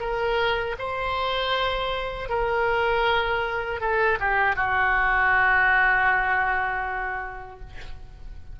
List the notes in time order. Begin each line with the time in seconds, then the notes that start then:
0.00 A#4
0.79 C5
2.29 A#4
3.80 A4
4.20 G4
4.56 F#4